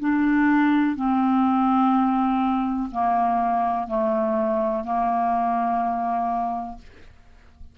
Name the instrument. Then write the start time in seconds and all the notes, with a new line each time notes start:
clarinet
0.00 D4
0.96 C4
2.92 A#3
3.88 A3
4.85 A#3